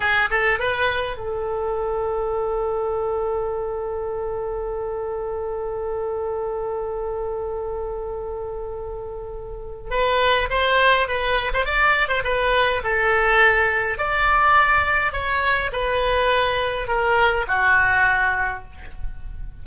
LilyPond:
\new Staff \with { instrumentName = "oboe" } { \time 4/4 \tempo 4 = 103 gis'8 a'8 b'4 a'2~ | a'1~ | a'1~ | a'1~ |
a'4 b'4 c''4 b'8. c''16 | d''8. c''16 b'4 a'2 | d''2 cis''4 b'4~ | b'4 ais'4 fis'2 | }